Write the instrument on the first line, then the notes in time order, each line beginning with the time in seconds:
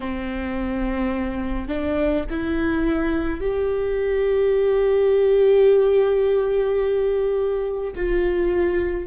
viola
0.00 C4
1.68 D4
2.30 E4
3.40 G4
7.95 F4